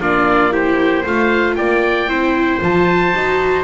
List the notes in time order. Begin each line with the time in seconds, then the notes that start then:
0.00 A#3 D4 F4 D5
0.51 E4 G4 C5
1.02 A3 F4 C5 F5
1.55 A#3 D5 G5
2.07 C4 E4 C5
2.60 F3 F4 A5
3.14 D#4 F#4